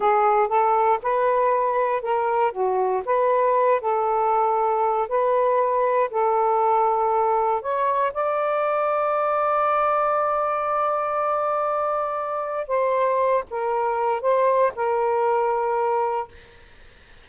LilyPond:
\new Staff \with { instrumentName = "saxophone" } { \time 4/4 \tempo 4 = 118 gis'4 a'4 b'2 | ais'4 fis'4 b'4. a'8~ | a'2 b'2 | a'2. cis''4 |
d''1~ | d''1~ | d''4 c''4. ais'4. | c''4 ais'2. | }